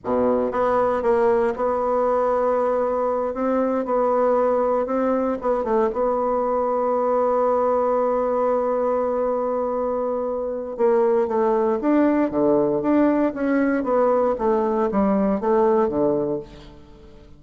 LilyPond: \new Staff \with { instrumentName = "bassoon" } { \time 4/4 \tempo 4 = 117 b,4 b4 ais4 b4~ | b2~ b8 c'4 b8~ | b4. c'4 b8 a8 b8~ | b1~ |
b1~ | b4 ais4 a4 d'4 | d4 d'4 cis'4 b4 | a4 g4 a4 d4 | }